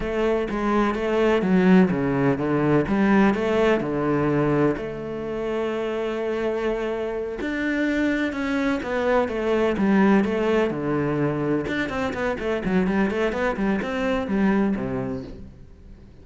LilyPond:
\new Staff \with { instrumentName = "cello" } { \time 4/4 \tempo 4 = 126 a4 gis4 a4 fis4 | cis4 d4 g4 a4 | d2 a2~ | a2.~ a8 d'8~ |
d'4. cis'4 b4 a8~ | a8 g4 a4 d4.~ | d8 d'8 c'8 b8 a8 fis8 g8 a8 | b8 g8 c'4 g4 c4 | }